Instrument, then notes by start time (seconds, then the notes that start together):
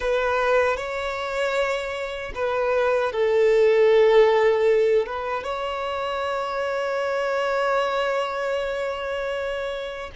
violin
0.00 B4
0.76 C#5
2.34 B4
3.12 A4
5.06 B4
5.43 C#5